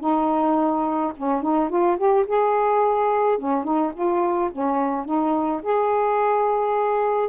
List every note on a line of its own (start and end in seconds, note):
0.00 1.12 D#4
1.17 1.42 C#4
1.42 1.69 D#4
1.69 1.97 F4
1.97 2.25 G4
2.26 3.38 G#4
3.38 3.64 C#4
3.64 3.92 D#4
3.94 4.50 F4
4.51 5.05 C#4
5.05 5.61 D#4
5.62 7.29 G#4